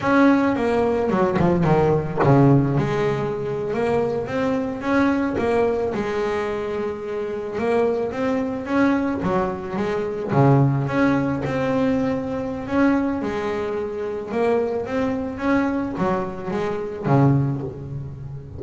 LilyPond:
\new Staff \with { instrumentName = "double bass" } { \time 4/4 \tempo 4 = 109 cis'4 ais4 fis8 f8 dis4 | cis4 gis4.~ gis16 ais4 c'16~ | c'8. cis'4 ais4 gis4~ gis16~ | gis4.~ gis16 ais4 c'4 cis'16~ |
cis'8. fis4 gis4 cis4 cis'16~ | cis'8. c'2~ c'16 cis'4 | gis2 ais4 c'4 | cis'4 fis4 gis4 cis4 | }